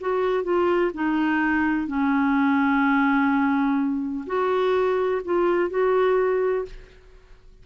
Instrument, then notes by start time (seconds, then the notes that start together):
clarinet
0.00 F#4
0.43 F4
0.94 D#4
1.87 C#4
4.26 F#4
5.24 F4
5.70 F#4